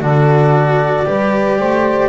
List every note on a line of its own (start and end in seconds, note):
0.00 1.06 D3
0.00 1.06 F#4
0.00 1.05 A4
0.00 2.09 D5
1.06 1.59 G3
1.06 2.09 G4
1.06 1.58 B4
1.58 2.09 A3
1.58 2.09 C5